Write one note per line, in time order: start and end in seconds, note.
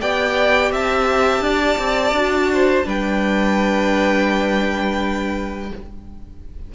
0.00 0.71 B3
0.00 2.14 G4
0.00 0.72 D5
0.00 0.72 G5
0.71 1.41 C4
0.71 1.43 E5
0.71 2.88 A5
1.41 1.76 D4
1.41 2.50 D5
1.78 2.12 C4
2.12 2.84 D4
2.12 2.84 F#4
2.53 2.87 C5
2.84 5.71 G3
2.84 5.69 D4
2.84 5.72 B4
2.84 5.74 G5